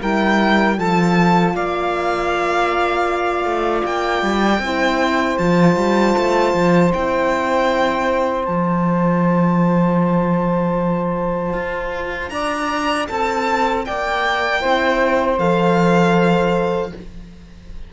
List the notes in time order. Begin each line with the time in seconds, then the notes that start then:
0.00 G3 E4 A#4 G5
0.76 F3 F4 A4 A5
1.54 A#3 D5 F5
3.44 A3
3.85 A#3 G5
4.22 G3
4.59 C4 E4 C5
5.37 F3 F4 A5
5.76 G3
6.17 A3
6.54 F3
6.93 C4 E4 G5
8.45 F3 F4 A5
11.53 F4
12.29 D4 D5 A#5
13.08 C4 A4 A5
13.85 A#3 D5 G5
14.60 C4 E4 C5
15.38 F3 A4 F5